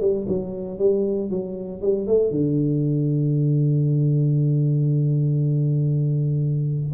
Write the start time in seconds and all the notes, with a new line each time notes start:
0.00 G3
0.28 F#3
0.78 G3
1.30 F#3
1.81 G3
2.07 A3
2.30 D3